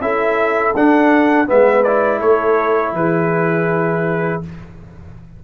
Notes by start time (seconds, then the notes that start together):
0.00 C#4 E4 A4 E5
0.75 D4 F#5
1.46 G#3 B3 B4 E5
1.83 E4 D5
2.19 A3 A4 C#5
2.93 E3 G#4 B4